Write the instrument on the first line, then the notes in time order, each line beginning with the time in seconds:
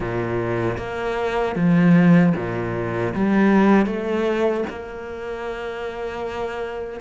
cello
0.00 A#2
0.77 A#3
1.55 F3
2.36 A#2
3.14 G3
3.86 A3
4.69 A#3